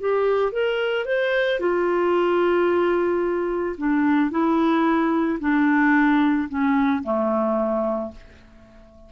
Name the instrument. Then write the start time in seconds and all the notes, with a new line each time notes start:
clarinet
0.00 G4
0.52 A#4
1.05 C5
1.60 F4
3.77 D4
4.30 E4
5.40 D4
6.49 C#4
7.03 A3